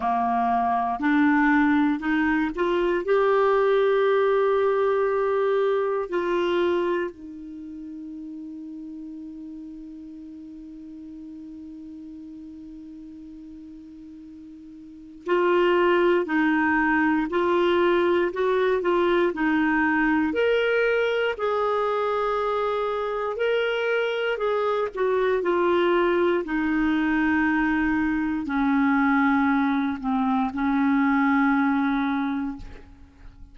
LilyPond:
\new Staff \with { instrumentName = "clarinet" } { \time 4/4 \tempo 4 = 59 ais4 d'4 dis'8 f'8 g'4~ | g'2 f'4 dis'4~ | dis'1~ | dis'2. f'4 |
dis'4 f'4 fis'8 f'8 dis'4 | ais'4 gis'2 ais'4 | gis'8 fis'8 f'4 dis'2 | cis'4. c'8 cis'2 | }